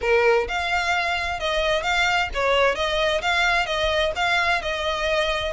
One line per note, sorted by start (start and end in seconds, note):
0.01 0.47 A#4
0.48 1.39 F5
1.39 1.83 D#5
1.83 2.29 F5
2.33 2.75 C#5
2.75 3.21 D#5
3.21 3.66 F5
3.66 4.12 D#5
4.15 4.61 F5
4.61 5.53 D#5